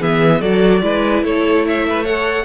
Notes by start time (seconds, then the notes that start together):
0.00 E3 B3 G#4 E5
0.41 F#3 F#4 A4 D5
0.82 G#3 E4 B4
1.23 A3 A4 C#5
1.66 C#5 E5
1.90 B4
2.04 A4 C#5 F#5